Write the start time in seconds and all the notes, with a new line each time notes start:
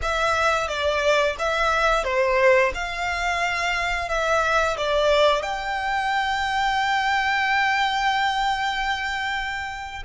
0.02 E5
0.68 D5
1.38 E5
2.04 C5
2.74 F5
4.08 E5
4.77 D5
5.42 G5